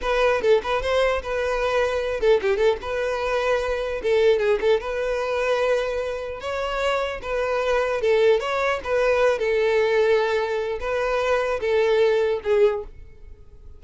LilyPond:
\new Staff \with { instrumentName = "violin" } { \time 4/4 \tempo 4 = 150 b'4 a'8 b'8 c''4 b'4~ | b'4. a'8 g'8 a'8 b'4~ | b'2 a'4 gis'8 a'8 | b'1 |
cis''2 b'2 | a'4 cis''4 b'4. a'8~ | a'2. b'4~ | b'4 a'2 gis'4 | }